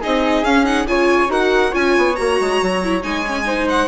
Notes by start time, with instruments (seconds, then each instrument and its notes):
0.00 bassoon C4, viola D#4, flute G#4, violin D#5
0.43 bassoon C#4, viola C#4, violin F5
0.64 viola D#4, violin F#5
0.85 bassoon C#3, viola F4, flute C#5, violin G#5
1.28 bassoon D#4, viola F#4, flute A#4, violin F#5
1.70 bassoon C#4, viola F4, flute C#5, violin G#5
1.97 bassoon B3
2.15 bassoon A#3, viola F#4, violin A#5
2.40 bassoon G#3
2.62 bassoon F#3
2.83 viola E4
3.02 bassoon G#3, viola D#4, violin G#5
3.26 viola C#4
3.44 viola D#4, flute C5
3.68 violin F#5